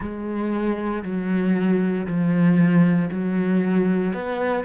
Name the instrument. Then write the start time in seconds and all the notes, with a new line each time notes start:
cello
0.00 G#3
1.03 F#3
2.06 F3
3.10 F#3
4.13 B3